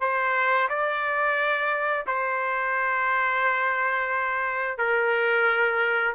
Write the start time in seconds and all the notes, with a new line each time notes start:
0.00 C5
0.68 D5
2.06 C5
4.77 A#4